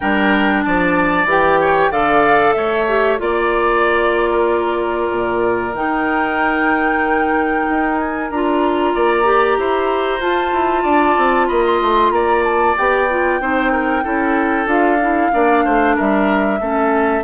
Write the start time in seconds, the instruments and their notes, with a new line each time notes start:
0.00 bassoon G3, clarinet D4, oboe A#4, flute G5
0.62 bassoon F3, oboe D5, flute A5
1.24 bassoon E3, clarinet G4, flute G5
1.60 oboe C#5
1.91 bassoon D3, clarinet A4, oboe D5, flute F5
2.52 bassoon A3, oboe C#5, flute E5
2.88 clarinet G4
3.18 bassoon A#3, clarinet F4, flute D5, oboe D5
4.30 oboe A#4
5.11 bassoon A#2
5.73 bassoon D#3, clarinet D#4, flute G5
7.69 bassoon D#4
7.98 flute G#5
8.30 bassoon D4, clarinet F4, flute A#5
8.94 bassoon A#3, oboe D5
9.23 clarinet G4
9.57 bassoon E4, oboe C5
10.19 bassoon F4, clarinet F4, flute A5
10.52 bassoon E4
10.82 bassoon D4, oboe D5
11.17 bassoon C4
11.47 bassoon A#3, oboe D#5, flute B5
11.66 flute C6
11.81 bassoon A3
12.11 bassoon A#3, oboe D5, flute A#5
12.43 flute A5
12.77 bassoon B3, clarinet G4, flute G5
13.09 clarinet F4
13.40 bassoon C4, clarinet D#4, oboe C5
13.71 oboe A#4
14.02 bassoon C#4, clarinet E4, oboe A4
14.65 bassoon D4, clarinet F4, flute F5
15.01 clarinet E4
15.32 bassoon A#3, clarinet D4, oboe D5
15.64 bassoon A3, oboe C5
15.95 bassoon G3, oboe A#4, flute E5
16.60 bassoon A3, clarinet C#4, oboe A4